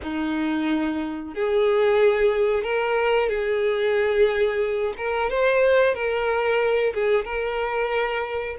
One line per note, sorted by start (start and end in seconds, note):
0.02 1.34 D#4
1.34 2.63 G#4
2.63 3.29 A#4
3.29 4.94 G#4
4.97 5.30 A#4
5.30 5.94 C5
5.94 6.93 A#4
6.94 7.24 G#4
7.24 8.56 A#4